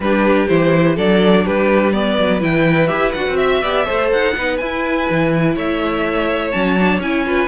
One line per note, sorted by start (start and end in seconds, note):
0.00 0.47 G3
0.00 0.48 D4
0.00 0.95 G4
0.00 0.48 B4
0.48 0.98 E3
0.48 0.96 E4
0.48 0.96 C5
0.95 1.45 F#3
0.95 1.92 D4
0.95 1.44 A4
0.95 1.46 D5
1.44 2.18 G3
1.44 1.93 G4
1.44 1.92 B4
1.92 2.40 B3
1.92 3.38 B4
1.92 2.40 D5
2.19 2.42 F#3
2.40 2.90 E3
2.40 2.87 E4
2.40 2.87 G5
2.87 3.14 E4
2.87 3.11 G4
2.87 3.11 E5
3.12 3.27 D4
3.12 3.63 F#4
3.12 3.36 F#5
3.27 3.62 C4
3.36 4.09 E5
3.36 3.62 E5
3.62 3.86 B3
3.62 3.85 G4
3.62 3.85 D5
3.85 4.12 A3
3.85 4.34 A4
3.85 4.33 C5
4.12 4.36 D#4
4.12 4.57 F#5
4.35 4.61 B3
4.35 4.60 D#4
4.35 5.55 B4
4.57 5.09 E4
4.57 6.53 E4
4.57 5.54 G#5
5.10 5.56 E3
5.55 6.52 A3
5.55 7.24 C#5
5.55 6.51 E5
6.51 6.98 F#3
6.51 6.77 C#4
6.51 6.99 A5
6.79 7.02 D4
6.98 7.47 C#4
6.98 7.26 E4
6.98 7.48 G#5
7.26 7.48 F4
7.26 7.48 B4